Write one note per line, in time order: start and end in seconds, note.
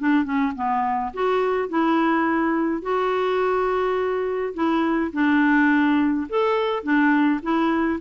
0.00 0.25 D4
0.25 0.54 C#4
0.56 1.13 B3
1.14 1.69 F#4
1.69 2.83 E4
2.83 4.54 F#4
4.55 5.12 E4
5.14 6.28 D4
6.30 6.84 A4
6.84 7.41 D4
7.43 8.00 E4